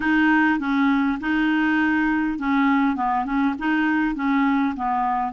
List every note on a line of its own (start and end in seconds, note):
0.00 0.59 D#4
0.59 1.18 C#4
1.20 2.38 D#4
2.38 2.95 C#4
2.95 3.25 B3
3.25 3.54 C#4
3.58 4.14 D#4
4.14 4.74 C#4
4.76 5.32 B3